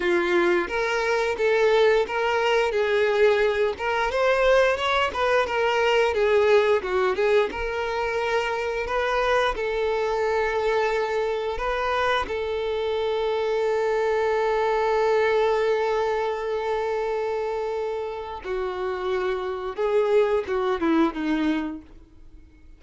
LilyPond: \new Staff \with { instrumentName = "violin" } { \time 4/4 \tempo 4 = 88 f'4 ais'4 a'4 ais'4 | gis'4. ais'8 c''4 cis''8 b'8 | ais'4 gis'4 fis'8 gis'8 ais'4~ | ais'4 b'4 a'2~ |
a'4 b'4 a'2~ | a'1~ | a'2. fis'4~ | fis'4 gis'4 fis'8 e'8 dis'4 | }